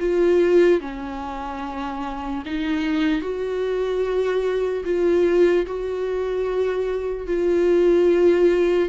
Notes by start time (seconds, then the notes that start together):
0.00 F4
0.81 C#4
2.46 D#4
3.22 F#4
4.85 F4
5.66 F#4
7.27 F4